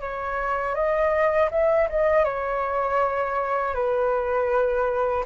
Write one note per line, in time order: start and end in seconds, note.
0.00 0.75 C#5
0.75 1.50 D#5
1.51 1.88 E5
1.89 2.24 D#5
2.24 3.74 C#5
3.74 5.24 B4